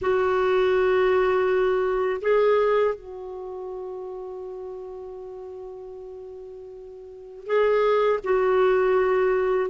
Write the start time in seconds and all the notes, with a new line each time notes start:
0.01 F#4
2.21 G#4
2.95 F#4
7.46 G#4
8.24 F#4